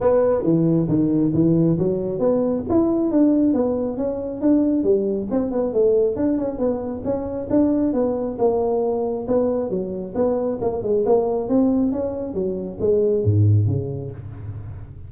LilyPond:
\new Staff \with { instrumentName = "tuba" } { \time 4/4 \tempo 4 = 136 b4 e4 dis4 e4 | fis4 b4 e'4 d'4 | b4 cis'4 d'4 g4 | c'8 b8 a4 d'8 cis'8 b4 |
cis'4 d'4 b4 ais4~ | ais4 b4 fis4 b4 | ais8 gis8 ais4 c'4 cis'4 | fis4 gis4 gis,4 cis4 | }